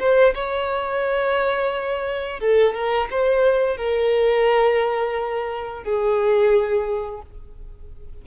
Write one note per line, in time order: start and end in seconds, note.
0.00 0.34 C5
0.35 2.40 C#5
2.40 2.75 A4
2.75 3.09 A#4
3.12 3.78 C5
3.78 5.84 A#4
5.84 7.22 G#4